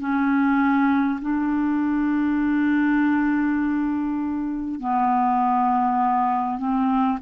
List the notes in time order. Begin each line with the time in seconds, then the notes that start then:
0.00 C#4
1.22 D4
4.81 B3
6.58 C4